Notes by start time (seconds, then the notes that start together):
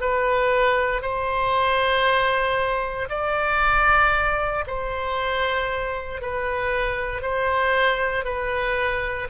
0.00 B4
1.02 C5
3.09 D5
4.67 C5
6.21 B4
7.22 C5
8.24 B4